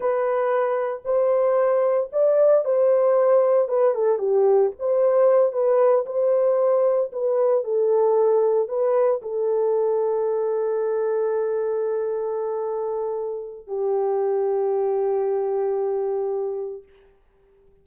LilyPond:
\new Staff \with { instrumentName = "horn" } { \time 4/4 \tempo 4 = 114 b'2 c''2 | d''4 c''2 b'8 a'8 | g'4 c''4. b'4 c''8~ | c''4. b'4 a'4.~ |
a'8 b'4 a'2~ a'8~ | a'1~ | a'2 g'2~ | g'1 | }